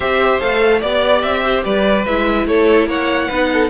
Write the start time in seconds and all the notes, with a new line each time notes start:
0.00 C4 G4 C5 E5
0.40 A3 A4 F5
0.79 B3 G4 D5
1.22 C4 E5
1.44 C5
1.64 G3 B4 D5
2.05 G#3 E4 E5
2.46 A3 A4 C#5
2.86 A#3 C#5 F#5
3.28 B3 D#4 B4
3.52 A4